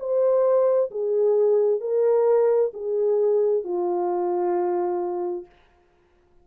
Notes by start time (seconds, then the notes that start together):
0.00 C5
0.91 G#4
1.81 A#4
2.74 G#4
3.64 F4